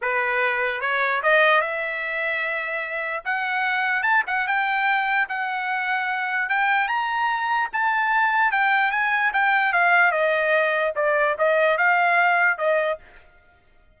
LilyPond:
\new Staff \with { instrumentName = "trumpet" } { \time 4/4 \tempo 4 = 148 b'2 cis''4 dis''4 | e''1 | fis''2 a''8 fis''8 g''4~ | g''4 fis''2. |
g''4 ais''2 a''4~ | a''4 g''4 gis''4 g''4 | f''4 dis''2 d''4 | dis''4 f''2 dis''4 | }